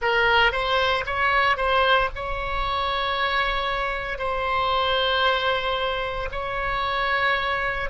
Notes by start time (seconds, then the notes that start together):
0.01 A#4
0.52 C5
1.05 C#5
1.56 C5
2.15 C#5
4.18 C5
6.31 C#5